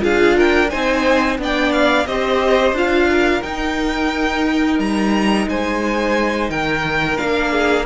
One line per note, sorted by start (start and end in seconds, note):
0.00 0.72 D4
0.00 0.68 F4
0.00 0.37 G#4
0.00 0.38 F5
0.37 0.71 A#4
0.37 0.70 G5
0.70 1.38 C4
0.70 1.39 D#4
0.70 1.39 C5
0.70 1.38 G#5
1.38 2.07 B3
1.38 2.07 D4
1.38 2.08 D5
1.38 1.73 G5
1.73 2.07 F5
2.07 2.73 C4
2.07 2.76 G4
2.07 3.10 C5
2.07 2.75 D#5
2.73 3.41 D4
2.73 3.43 F4
2.73 3.43 F5
3.12 5.50 A#4
3.43 7.17 D#4
3.43 4.79 D#4
3.43 4.79 G5
4.79 5.47 G3
4.79 5.48 A#5
5.48 6.50 G#3
5.48 6.51 C5
5.48 6.50 G#5
6.50 7.18 D#3
6.50 7.52 A#4
6.50 7.18 G5
7.17 7.87 A#3
7.17 7.85 D4
7.17 7.86 F5
7.52 7.86 G#4